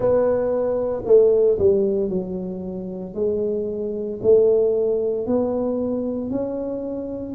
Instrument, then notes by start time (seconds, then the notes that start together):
tuba
0.00 B3
1.05 A3
1.58 G3
2.09 F#3
3.14 G#3
4.22 A3
5.26 B3
6.30 C#4